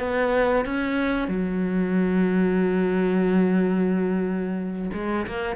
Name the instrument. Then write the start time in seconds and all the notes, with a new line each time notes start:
cello
0.00 B3
0.66 C#4
1.28 F#3
4.94 G#3
5.27 A#3